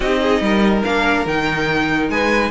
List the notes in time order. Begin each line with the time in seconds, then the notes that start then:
0.00 C4 D#4 G4 D#5
0.22 G#4
0.40 G3 A#4
0.83 A#3 D4 F5
1.25 D#3 D#4 G5
2.09 G#3 B4 G#5